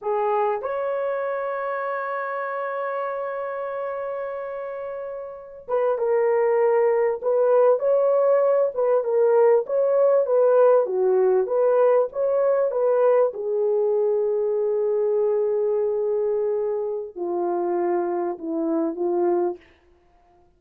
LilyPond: \new Staff \with { instrumentName = "horn" } { \time 4/4 \tempo 4 = 98 gis'4 cis''2.~ | cis''1~ | cis''4~ cis''16 b'8 ais'2 b'16~ | b'8. cis''4. b'8 ais'4 cis''16~ |
cis''8. b'4 fis'4 b'4 cis''16~ | cis''8. b'4 gis'2~ gis'16~ | gis'1 | f'2 e'4 f'4 | }